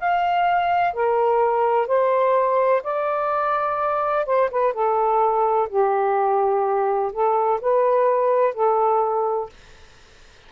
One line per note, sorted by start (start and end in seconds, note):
0.00 0.94 F5
0.94 1.87 A#4
1.87 2.83 C5
2.84 4.26 D5
4.26 4.50 C5
4.51 4.74 B4
4.74 5.69 A4
5.69 7.12 G4
7.13 7.60 A4
7.61 8.55 B4
8.55 9.50 A4